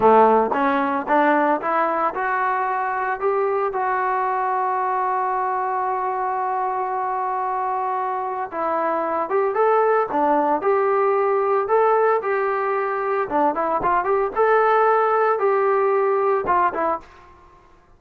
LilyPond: \new Staff \with { instrumentName = "trombone" } { \time 4/4 \tempo 4 = 113 a4 cis'4 d'4 e'4 | fis'2 g'4 fis'4~ | fis'1~ | fis'1 |
e'4. g'8 a'4 d'4 | g'2 a'4 g'4~ | g'4 d'8 e'8 f'8 g'8 a'4~ | a'4 g'2 f'8 e'8 | }